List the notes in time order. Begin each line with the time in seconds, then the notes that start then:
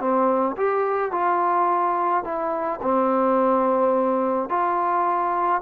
0.00 C4
0.57 G4
1.12 F4
2.24 E4
2.82 C4
4.50 F4